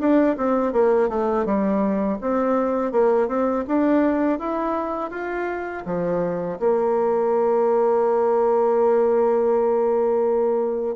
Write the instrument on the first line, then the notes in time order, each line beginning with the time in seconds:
bassoon
0.00 D4
0.37 C4
0.73 A#3
1.09 A3
1.45 G3
2.21 C4
2.92 A#3
3.28 C4
3.68 D4
4.39 E4
5.11 F4
5.85 F3
6.59 A#3